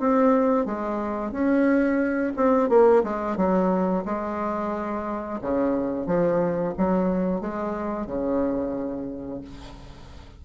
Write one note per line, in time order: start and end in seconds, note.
0.00 0.66 C4
0.66 1.32 G#3
1.32 2.33 C#4
2.37 2.70 C4
2.70 3.03 A#3
3.04 3.37 G#3
3.37 4.04 F#3
4.05 5.40 G#3
5.41 6.07 C#3
6.07 6.74 F3
6.78 7.41 F#3
7.41 8.07 G#3
8.07 9.42 C#3